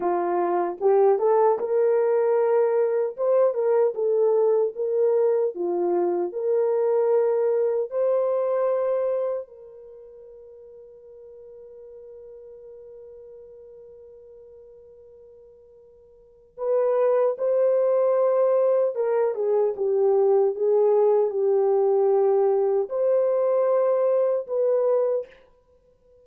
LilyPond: \new Staff \with { instrumentName = "horn" } { \time 4/4 \tempo 4 = 76 f'4 g'8 a'8 ais'2 | c''8 ais'8 a'4 ais'4 f'4 | ais'2 c''2 | ais'1~ |
ais'1~ | ais'4 b'4 c''2 | ais'8 gis'8 g'4 gis'4 g'4~ | g'4 c''2 b'4 | }